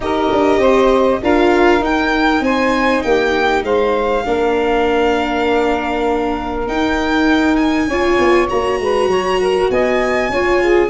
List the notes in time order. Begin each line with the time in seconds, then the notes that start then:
0.00 D#4 G4 A#4 D#5
0.31 D4
0.57 C4 C5
1.22 D4 F4 A#4 F5
1.80 D#4 G5
2.40 C4 C5 G#5
3.02 A#3 G4 G5
3.62 G#3 C5 F5
4.24 A#3 D4 A#4
6.67 D#4 G5
7.55 G#5
7.87 C#4 F4 C#5
8.18 B3
8.48 A#3 F#4 A#5
8.80 G#3 B4
9.06 F#3 C#5
9.40 A#4
9.70 B3 D#5 G#5
10.29 C#4 F4 C#5
10.61 G#4